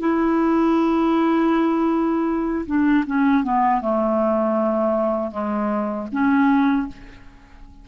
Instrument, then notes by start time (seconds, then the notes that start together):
clarinet
0.00 E4
2.67 D4
3.07 C#4
3.43 B3
3.81 A3
5.31 G#3
6.12 C#4